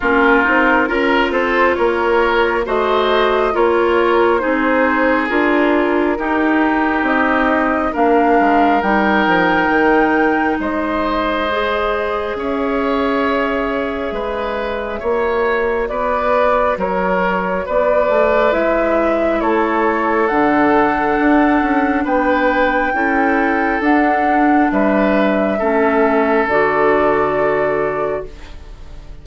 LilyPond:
<<
  \new Staff \with { instrumentName = "flute" } { \time 4/4 \tempo 4 = 68 ais'4. c''8 cis''4 dis''4 | cis''4 c''4 ais'2 | dis''4 f''4 g''2 | dis''2 e''2~ |
e''2 d''4 cis''4 | d''4 e''4 cis''4 fis''4~ | fis''4 g''2 fis''4 | e''2 d''2 | }
  \new Staff \with { instrumentName = "oboe" } { \time 4/4 f'4 ais'8 a'8 ais'4 c''4 | ais'4 gis'2 g'4~ | g'4 ais'2. | c''2 cis''2 |
b'4 cis''4 b'4 ais'4 | b'2 a'2~ | a'4 b'4 a'2 | b'4 a'2. | }
  \new Staff \with { instrumentName = "clarinet" } { \time 4/4 cis'8 dis'8 f'2 fis'4 | f'4 dis'4 f'4 dis'4~ | dis'4 d'4 dis'2~ | dis'4 gis'2.~ |
gis'4 fis'2.~ | fis'4 e'2 d'4~ | d'2 e'4 d'4~ | d'4 cis'4 fis'2 | }
  \new Staff \with { instrumentName = "bassoon" } { \time 4/4 ais8 c'8 cis'8 c'8 ais4 a4 | ais4 c'4 d'4 dis'4 | c'4 ais8 gis8 g8 f8 dis4 | gis2 cis'2 |
gis4 ais4 b4 fis4 | b8 a8 gis4 a4 d4 | d'8 cis'8 b4 cis'4 d'4 | g4 a4 d2 | }
>>